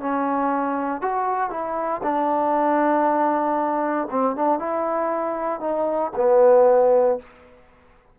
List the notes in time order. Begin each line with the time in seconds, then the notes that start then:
0.00 C#4
1.01 F#4
1.50 E4
2.03 D4
4.11 C4
4.36 D4
4.59 E4
5.60 D#4
6.17 B3